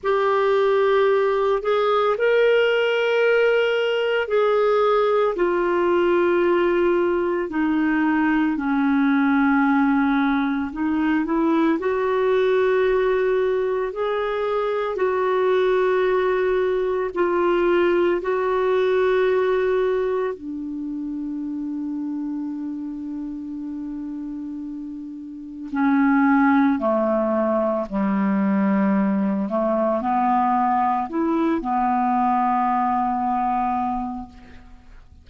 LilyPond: \new Staff \with { instrumentName = "clarinet" } { \time 4/4 \tempo 4 = 56 g'4. gis'8 ais'2 | gis'4 f'2 dis'4 | cis'2 dis'8 e'8 fis'4~ | fis'4 gis'4 fis'2 |
f'4 fis'2 d'4~ | d'1 | cis'4 a4 g4. a8 | b4 e'8 b2~ b8 | }